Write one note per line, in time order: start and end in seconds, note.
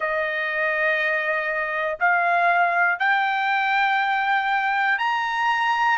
0.00 1.98 D#5
2.00 2.99 F5
2.99 4.98 G5
4.98 5.98 A#5